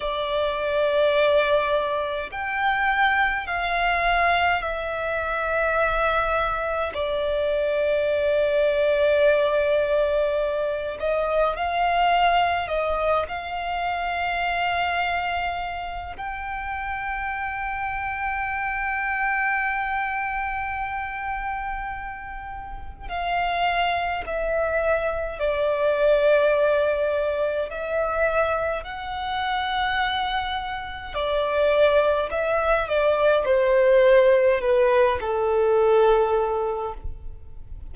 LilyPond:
\new Staff \with { instrumentName = "violin" } { \time 4/4 \tempo 4 = 52 d''2 g''4 f''4 | e''2 d''2~ | d''4. dis''8 f''4 dis''8 f''8~ | f''2 g''2~ |
g''1 | f''4 e''4 d''2 | e''4 fis''2 d''4 | e''8 d''8 c''4 b'8 a'4. | }